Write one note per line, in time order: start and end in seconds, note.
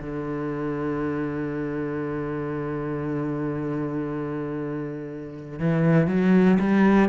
0.00 5.58 D3
5.58 6.07 E3
6.07 6.58 F#3
6.59 7.09 G3